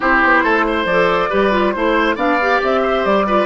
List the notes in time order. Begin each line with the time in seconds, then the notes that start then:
0.00 C4 E4 G4 C5
0.23 B3
0.43 A3 A4
0.66 C5
0.85 F3 D5
0.91 A4
1.29 G3 G4 B4
1.51 F4
1.71 A3 E4 C5
2.15 B3 D4 D5 F5
2.41 G4
2.62 C4 E5
2.82 C5
3.05 G3 D5
3.26 F4 B4